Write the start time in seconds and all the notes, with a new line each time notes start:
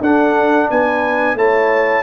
0.00 D4 A4 F#5
0.69 B3 B4 G#5
1.34 A3 E4 C#5 A5